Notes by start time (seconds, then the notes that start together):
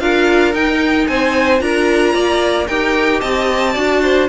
0.00 D4 F4 A#4 F5
0.54 D#4 G5
1.07 C4 C5 G#5
1.59 D4 F4 A#4 A#5
2.14 A#3 D5
2.67 D#4 G4 A#4 G5
3.21 C4 D#5 A5
3.73 D4 F#4 D5
4.03 C5